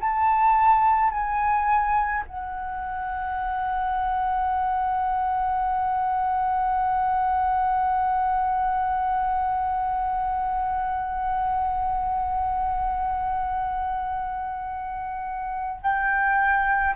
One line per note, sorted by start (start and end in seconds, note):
0.00 1.11 A5
1.11 2.24 G#5
2.26 15.81 F#5
15.81 16.95 G5